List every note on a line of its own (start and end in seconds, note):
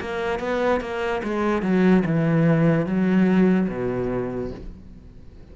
0.00 0.39 A#3
0.39 0.80 B3
0.80 1.21 A#3
1.23 1.62 G#3
1.62 2.03 F#3
2.05 2.86 E3
2.86 3.68 F#3
3.68 4.51 B2